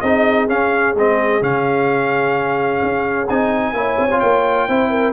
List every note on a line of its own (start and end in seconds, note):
0.00 0.48 C4
0.00 0.48 D#4
0.00 3.74 G#4
0.00 0.47 D#5
0.48 0.95 C#4
0.48 0.94 C#4
0.48 0.95 F5
0.94 1.41 G#3
0.94 1.41 C4
0.94 1.42 D#5
1.41 2.80 C#3
1.41 3.27 C#4
1.41 3.28 F5
2.82 3.29 C#4
3.29 3.73 C4
3.29 3.74 D#4
3.29 4.20 G#5
3.73 3.96 A#3
3.73 4.09 E4
3.73 4.68 C#5
3.98 4.21 C4
4.11 4.68 F4
4.20 4.68 A#3
4.20 5.12 G5
4.68 5.12 C4
4.68 5.12 E4
4.68 4.90 C5
4.90 5.12 A#4